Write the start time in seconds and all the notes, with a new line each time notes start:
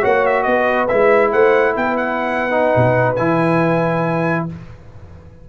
0.00 A#3 F#4 C#5 F#5
0.26 E5
0.43 B3 B4 D#5
0.87 G#3 E4 E5
1.31 A3 C5 F#5
1.76 B3 B4 G5
1.96 F#5
2.50 D#4
2.76 B2
3.15 E3 E4 G#5